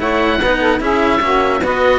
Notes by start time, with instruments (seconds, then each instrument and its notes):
0.00 cello A3 E4, saxophone C#5, oboe F#5
0.41 cello B3 D#4, saxophone B4
0.60 saxophone A4
0.80 cello C#4 E4, saxophone G#4, oboe E5
1.21 cello A#3 C#4, saxophone F#4
1.62 cello B3 F#4, saxophone B4, oboe D#5